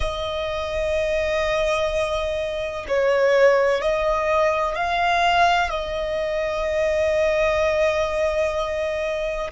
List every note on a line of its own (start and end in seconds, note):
0.00 2.86 D#5
2.88 3.81 C#5
3.81 4.74 D#5
4.74 5.69 F5
5.69 9.50 D#5